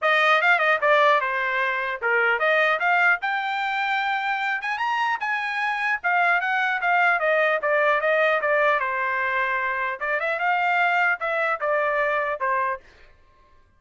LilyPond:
\new Staff \with { instrumentName = "trumpet" } { \time 4/4 \tempo 4 = 150 dis''4 f''8 dis''8 d''4 c''4~ | c''4 ais'4 dis''4 f''4 | g''2.~ g''8 gis''8 | ais''4 gis''2 f''4 |
fis''4 f''4 dis''4 d''4 | dis''4 d''4 c''2~ | c''4 d''8 e''8 f''2 | e''4 d''2 c''4 | }